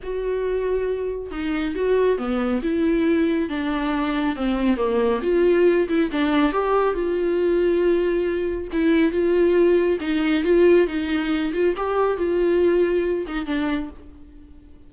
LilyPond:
\new Staff \with { instrumentName = "viola" } { \time 4/4 \tempo 4 = 138 fis'2. dis'4 | fis'4 b4 e'2 | d'2 c'4 ais4 | f'4. e'8 d'4 g'4 |
f'1 | e'4 f'2 dis'4 | f'4 dis'4. f'8 g'4 | f'2~ f'8 dis'8 d'4 | }